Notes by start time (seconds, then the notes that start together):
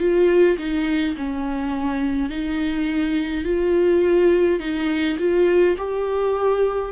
0.00 F4
0.58 D#4
1.17 C#4
2.30 D#4
3.45 F4
4.60 D#4
5.19 F4
5.77 G4